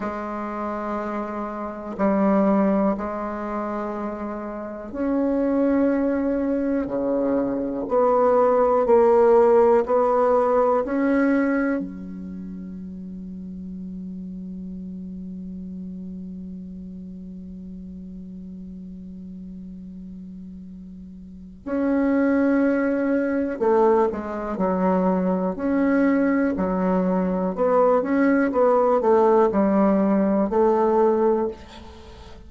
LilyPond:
\new Staff \with { instrumentName = "bassoon" } { \time 4/4 \tempo 4 = 61 gis2 g4 gis4~ | gis4 cis'2 cis4 | b4 ais4 b4 cis'4 | fis1~ |
fis1~ | fis2 cis'2 | a8 gis8 fis4 cis'4 fis4 | b8 cis'8 b8 a8 g4 a4 | }